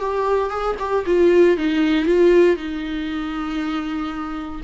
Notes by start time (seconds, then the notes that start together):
0.00 G4
0.50 G#4
0.79 G4
1.06 F4
1.57 D#4
2.06 F4
2.56 D#4